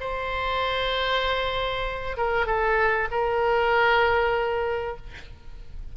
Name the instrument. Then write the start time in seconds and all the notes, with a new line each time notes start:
oboe
0.00 C5
2.17 A#4
2.46 A4
3.11 A#4